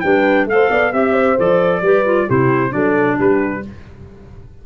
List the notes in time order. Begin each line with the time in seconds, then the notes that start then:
0.00 G3 D4 B4 G5
0.45 A3 A4 F5
0.52 C5
0.70 B3 D5
0.92 C4 G4 E5
1.13 C5
1.37 F3 A4 D5
1.81 G3 G4 B4
2.05 F4
2.27 C3 E4 G4 C5
2.70 F#3 D4 A4 D5
3.18 G3 G4 B4